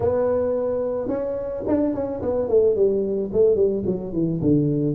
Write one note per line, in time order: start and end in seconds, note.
0.00 1.08 B3
1.08 1.63 C#4
1.67 1.94 D4
1.94 2.21 C#4
2.22 2.48 B3
2.48 2.75 A3
2.75 3.30 G3
3.32 3.55 A3
3.55 3.83 G3
3.86 4.12 F#3
4.12 4.40 E3
4.41 4.95 D3